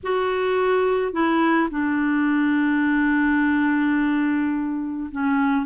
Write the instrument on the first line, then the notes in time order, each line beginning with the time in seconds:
clarinet
0.03 F#4
1.12 E4
1.70 D4
5.11 C#4